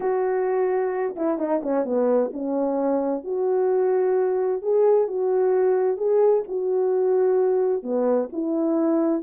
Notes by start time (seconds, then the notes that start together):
0.00 F#4
1.16 E4
1.38 D#4
1.62 C#4
1.85 B3
2.33 C#4
3.24 F#4
4.62 G#4
5.07 F#4
5.97 G#4
6.48 F#4
7.82 B3
8.32 E4